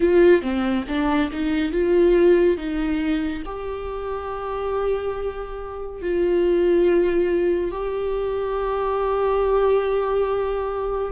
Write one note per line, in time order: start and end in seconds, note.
0.00 0.41 F4
0.41 0.84 C4
0.88 1.31 D4
1.32 1.71 D#4
1.71 2.57 F4
2.57 3.42 D#4
3.45 6.01 G4
6.01 7.71 F4
7.71 11.12 G4